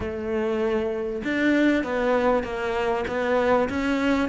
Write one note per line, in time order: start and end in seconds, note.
0.00 1.22 A3
1.24 1.83 D4
1.83 2.43 B3
2.43 3.04 A#3
3.07 3.68 B3
3.69 4.28 C#4